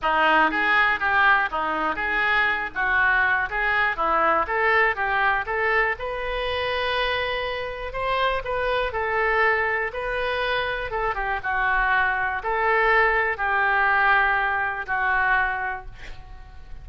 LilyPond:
\new Staff \with { instrumentName = "oboe" } { \time 4/4 \tempo 4 = 121 dis'4 gis'4 g'4 dis'4 | gis'4. fis'4. gis'4 | e'4 a'4 g'4 a'4 | b'1 |
c''4 b'4 a'2 | b'2 a'8 g'8 fis'4~ | fis'4 a'2 g'4~ | g'2 fis'2 | }